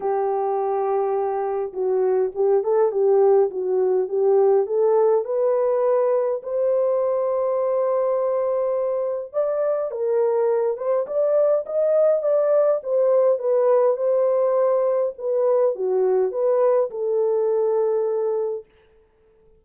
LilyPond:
\new Staff \with { instrumentName = "horn" } { \time 4/4 \tempo 4 = 103 g'2. fis'4 | g'8 a'8 g'4 fis'4 g'4 | a'4 b'2 c''4~ | c''1 |
d''4 ais'4. c''8 d''4 | dis''4 d''4 c''4 b'4 | c''2 b'4 fis'4 | b'4 a'2. | }